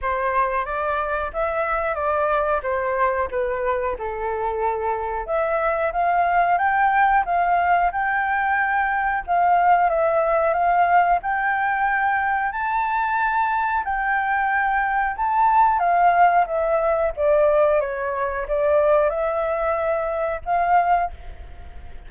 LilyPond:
\new Staff \with { instrumentName = "flute" } { \time 4/4 \tempo 4 = 91 c''4 d''4 e''4 d''4 | c''4 b'4 a'2 | e''4 f''4 g''4 f''4 | g''2 f''4 e''4 |
f''4 g''2 a''4~ | a''4 g''2 a''4 | f''4 e''4 d''4 cis''4 | d''4 e''2 f''4 | }